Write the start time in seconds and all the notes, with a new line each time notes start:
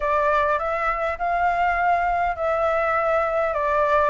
0.00 D5
0.59 E5
1.18 F5
2.36 E5
3.53 D5